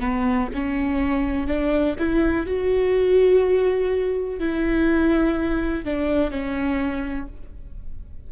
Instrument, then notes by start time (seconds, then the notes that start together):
viola
0.00 B3
0.54 C#4
1.47 D4
1.98 E4
2.46 F#4
4.39 E4
5.85 D4
6.31 C#4